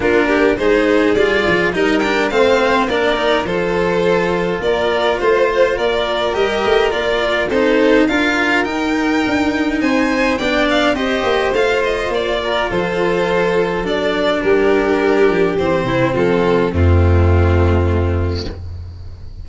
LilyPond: <<
  \new Staff \with { instrumentName = "violin" } { \time 4/4 \tempo 4 = 104 ais'4 c''4 d''4 dis''8 g''8 | f''4 d''4 c''2 | d''4 c''4 d''4 dis''4 | d''4 c''4 f''4 g''4~ |
g''4 gis''4 g''8 f''8 dis''4 | f''8 dis''8 d''4 c''2 | d''4 ais'2 c''4 | a'4 f'2. | }
  \new Staff \with { instrumentName = "violin" } { \time 4/4 f'8 g'8 gis'2 ais'4 | c''4 ais'4 a'2 | ais'4 c''4 ais'2~ | ais'4 a'4 ais'2~ |
ais'4 c''4 d''4 c''4~ | c''4. ais'8 a'2~ | a'4 g'2~ g'8 e'8 | f'4 c'2. | }
  \new Staff \with { instrumentName = "cello" } { \time 4/4 d'4 dis'4 f'4 dis'8 d'8 | c'4 d'8 dis'8 f'2~ | f'2. g'4 | f'4 dis'4 f'4 dis'4~ |
dis'2 d'4 g'4 | f'1 | d'2. c'4~ | c'4 a2. | }
  \new Staff \with { instrumentName = "tuba" } { \time 4/4 ais4 gis4 g8 f8 g4 | a4 ais4 f2 | ais4 a4 ais4 g8 a8 | ais4 c'4 d'4 dis'4 |
d'4 c'4 b4 c'8 ais8 | a4 ais4 f2 | fis4 g4. f8 e8 c8 | f4 f,2. | }
>>